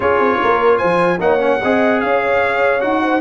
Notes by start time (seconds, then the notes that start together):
0.00 C#4 F4 G#4 C#5
0.19 C4
0.42 A#3 A#4
0.78 F3 C5 G#5
1.19 A#3 D#4 C#5 F#5
1.39 C#4
1.61 C4 G#4 D#5
2.00 C#4 C#5 F5
2.80 D#4 F#4 F#5
3.02 C5